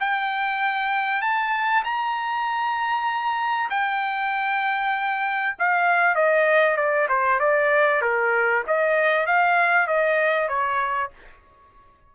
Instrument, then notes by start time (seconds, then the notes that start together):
trumpet
0.00 G5
1.21 A5
1.84 A#5
3.70 G5
5.59 F5
6.15 D#5
6.77 D5
7.09 C5
7.39 D5
8.02 A#4
8.67 D#5
9.26 F5
9.87 D#5
10.48 C#5